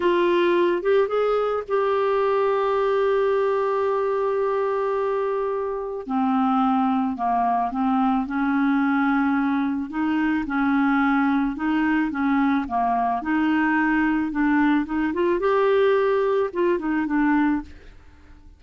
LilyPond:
\new Staff \with { instrumentName = "clarinet" } { \time 4/4 \tempo 4 = 109 f'4. g'8 gis'4 g'4~ | g'1~ | g'2. c'4~ | c'4 ais4 c'4 cis'4~ |
cis'2 dis'4 cis'4~ | cis'4 dis'4 cis'4 ais4 | dis'2 d'4 dis'8 f'8 | g'2 f'8 dis'8 d'4 | }